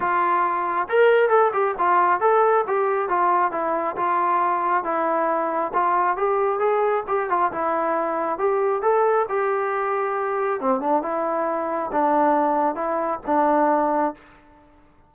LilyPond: \new Staff \with { instrumentName = "trombone" } { \time 4/4 \tempo 4 = 136 f'2 ais'4 a'8 g'8 | f'4 a'4 g'4 f'4 | e'4 f'2 e'4~ | e'4 f'4 g'4 gis'4 |
g'8 f'8 e'2 g'4 | a'4 g'2. | c'8 d'8 e'2 d'4~ | d'4 e'4 d'2 | }